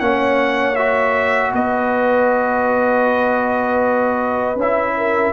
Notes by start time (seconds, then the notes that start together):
0.00 A#3 C#4 C#5 F#5
0.76 F#4 E5
1.53 B3 B4 D#5
4.56 C#4 E5
4.62 E4
4.97 A#4